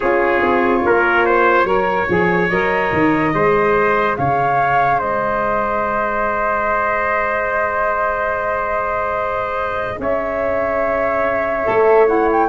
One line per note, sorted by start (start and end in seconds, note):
0.00 0.42 C#4
0.00 1.65 F4
0.00 0.81 G#4
0.00 2.49 C#5
0.42 0.83 C4
0.85 1.64 A#3
0.85 1.25 A#4
1.25 1.65 C5
1.64 2.06 F#3
1.64 2.07 A#4
1.64 3.32 C#5
2.07 2.50 F3
2.07 2.49 G#4
2.49 2.91 F#3
2.49 3.34 A#4
2.49 4.16 D#5
2.92 3.34 D#3
3.34 4.17 G#3
3.34 11.64 G#4
3.34 4.17 C5
4.16 5.01 C#3
4.16 4.98 C#5
4.16 5.00 F5
4.98 9.99 G#3
4.98 9.98 C5
4.98 10.00 D#5
9.99 11.65 C#4
9.99 12.49 C#5
9.99 12.07 E5
11.64 12.49 A3
11.64 12.06 A4
12.06 12.47 E4
12.06 12.28 F#5
12.32 12.49 G5